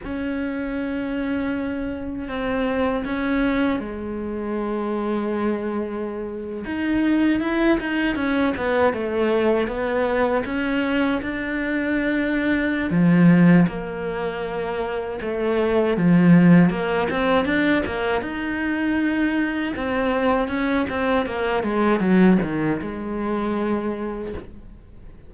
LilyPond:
\new Staff \with { instrumentName = "cello" } { \time 4/4 \tempo 4 = 79 cis'2. c'4 | cis'4 gis2.~ | gis8. dis'4 e'8 dis'8 cis'8 b8 a16~ | a8. b4 cis'4 d'4~ d'16~ |
d'4 f4 ais2 | a4 f4 ais8 c'8 d'8 ais8 | dis'2 c'4 cis'8 c'8 | ais8 gis8 fis8 dis8 gis2 | }